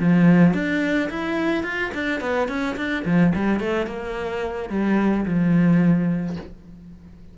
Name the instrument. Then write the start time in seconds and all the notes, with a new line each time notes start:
cello
0.00 F3
0.54 D4
1.10 E4
1.64 F4
1.94 D4
2.21 B3
2.49 C#4
2.77 D4
3.06 F3
3.36 G3
3.60 A3
3.87 A#3
4.70 G3
5.26 F3